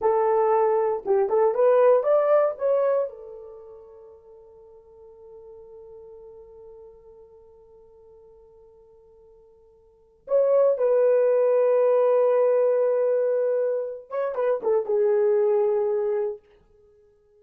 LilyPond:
\new Staff \with { instrumentName = "horn" } { \time 4/4 \tempo 4 = 117 a'2 g'8 a'8 b'4 | d''4 cis''4 a'2~ | a'1~ | a'1~ |
a'1 | cis''4 b'2.~ | b'2.~ b'8 cis''8 | b'8 a'8 gis'2. | }